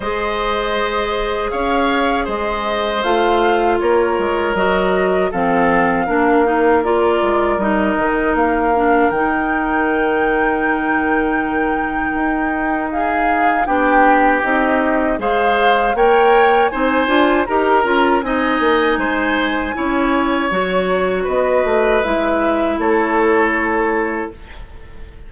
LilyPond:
<<
  \new Staff \with { instrumentName = "flute" } { \time 4/4 \tempo 4 = 79 dis''2 f''4 dis''4 | f''4 cis''4 dis''4 f''4~ | f''4 d''4 dis''4 f''4 | g''1~ |
g''4 f''4 g''4 dis''4 | f''4 g''4 gis''4 ais''4 | gis''2. cis''4 | dis''4 e''4 cis''2 | }
  \new Staff \with { instrumentName = "oboe" } { \time 4/4 c''2 cis''4 c''4~ | c''4 ais'2 a'4 | ais'1~ | ais'1~ |
ais'4 gis'4 g'2 | c''4 cis''4 c''4 ais'4 | dis''4 c''4 cis''2 | b'2 a'2 | }
  \new Staff \with { instrumentName = "clarinet" } { \time 4/4 gis'1 | f'2 fis'4 c'4 | d'8 dis'8 f'4 dis'4. d'8 | dis'1~ |
dis'2 d'4 dis'4 | gis'4 ais'4 dis'8 f'8 g'8 f'8 | dis'2 e'4 fis'4~ | fis'4 e'2. | }
  \new Staff \with { instrumentName = "bassoon" } { \time 4/4 gis2 cis'4 gis4 | a4 ais8 gis8 fis4 f4 | ais4. gis8 g8 dis8 ais4 | dis1 |
dis'2 b4 c'4 | gis4 ais4 c'8 d'8 dis'8 cis'8 | c'8 ais8 gis4 cis'4 fis4 | b8 a8 gis4 a2 | }
>>